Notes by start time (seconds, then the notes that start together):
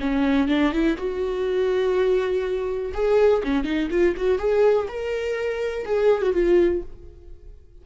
0.00 C#4
0.48 D4
0.72 E4
0.97 F#4
2.94 G#4
3.44 C#4
3.64 D#4
3.90 F4
4.16 F#4
4.38 G#4
4.88 A#4
5.85 G#4
6.22 F#4
6.33 F4